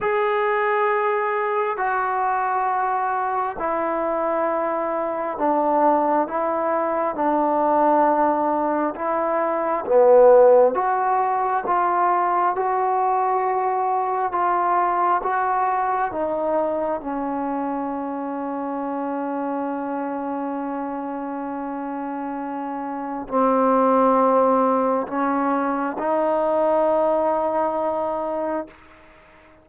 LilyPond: \new Staff \with { instrumentName = "trombone" } { \time 4/4 \tempo 4 = 67 gis'2 fis'2 | e'2 d'4 e'4 | d'2 e'4 b4 | fis'4 f'4 fis'2 |
f'4 fis'4 dis'4 cis'4~ | cis'1~ | cis'2 c'2 | cis'4 dis'2. | }